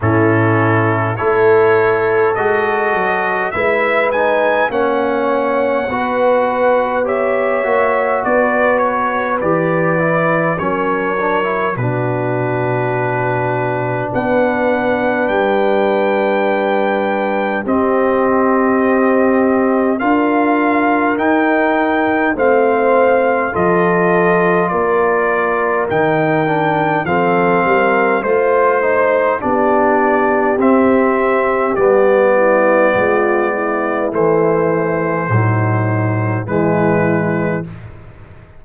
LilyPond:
<<
  \new Staff \with { instrumentName = "trumpet" } { \time 4/4 \tempo 4 = 51 a'4 cis''4 dis''4 e''8 gis''8 | fis''2 e''4 d''8 cis''8 | d''4 cis''4 b'2 | fis''4 g''2 dis''4~ |
dis''4 f''4 g''4 f''4 | dis''4 d''4 g''4 f''4 | c''4 d''4 e''4 d''4~ | d''4 c''2 b'4 | }
  \new Staff \with { instrumentName = "horn" } { \time 4/4 e'4 a'2 b'4 | cis''4 b'4 cis''4 b'4~ | b'4 ais'4 fis'2 | b'2. g'4~ |
g'4 ais'2 c''4 | a'4 ais'2 a'8 ais'8 | c''4 g'2~ g'8 e'8 | f'8 e'4. dis'4 e'4 | }
  \new Staff \with { instrumentName = "trombone" } { \time 4/4 cis'4 e'4 fis'4 e'8 dis'8 | cis'4 fis'4 g'8 fis'4. | g'8 e'8 cis'8 d'16 e'16 d'2~ | d'2. c'4~ |
c'4 f'4 dis'4 c'4 | f'2 dis'8 d'8 c'4 | f'8 dis'8 d'4 c'4 b4~ | b4 e4 fis4 gis4 | }
  \new Staff \with { instrumentName = "tuba" } { \time 4/4 a,4 a4 gis8 fis8 gis4 | ais4 b4. ais8 b4 | e4 fis4 b,2 | b4 g2 c'4~ |
c'4 d'4 dis'4 a4 | f4 ais4 dis4 f8 g8 | a4 b4 c'4 g4 | gis4 a4 a,4 e4 | }
>>